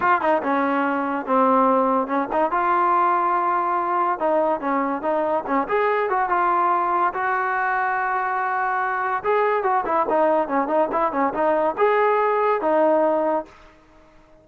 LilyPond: \new Staff \with { instrumentName = "trombone" } { \time 4/4 \tempo 4 = 143 f'8 dis'8 cis'2 c'4~ | c'4 cis'8 dis'8 f'2~ | f'2 dis'4 cis'4 | dis'4 cis'8 gis'4 fis'8 f'4~ |
f'4 fis'2.~ | fis'2 gis'4 fis'8 e'8 | dis'4 cis'8 dis'8 e'8 cis'8 dis'4 | gis'2 dis'2 | }